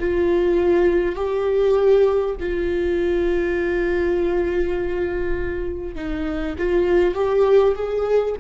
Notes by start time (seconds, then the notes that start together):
0.00 F4
1.16 G4
2.40 F4
5.96 D#4
6.59 F4
7.15 G4
7.75 G#4